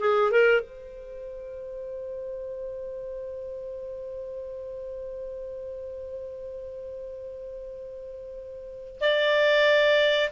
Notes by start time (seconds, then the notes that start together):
0.00 G#4
0.32 A#4
0.61 C5
9.01 D5